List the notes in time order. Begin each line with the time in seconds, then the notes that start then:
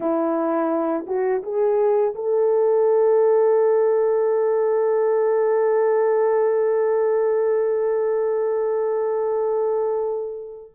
0.00 E4
1.06 F#4
1.43 G#4
2.14 A4